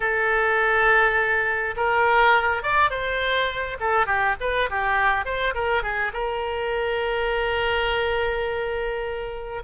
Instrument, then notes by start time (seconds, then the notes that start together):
oboe
0.00 A4
1.76 A#4
2.62 D5
2.90 C5
3.80 A4
4.06 G4
4.40 B4
4.69 G4
5.25 C5
5.54 A#4
5.83 G#4
6.13 A#4